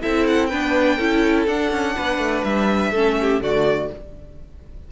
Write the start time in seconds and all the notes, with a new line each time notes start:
0.00 C4 E4 A4 E5
0.27 F#5
0.46 D4 B4 G5
0.52 B3
0.95 C#4 E4 A4
1.47 D4 F#5
1.71 C#4
1.96 B3 B4
2.17 A3
2.44 G3 E5
2.91 A3 C#4 A4
3.20 G4
3.40 D3 A3 F#4 D5